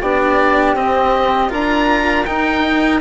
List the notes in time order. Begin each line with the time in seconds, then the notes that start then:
0.00 B3 D4 G4 D5
0.73 C4 D#5
1.49 D4 F4 A#4 A#5
2.25 D#4 G5